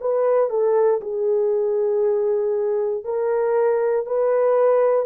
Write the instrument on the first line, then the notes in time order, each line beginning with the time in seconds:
horn
0.00 B4
0.49 A4
1.01 G#4
3.04 A#4
4.05 B4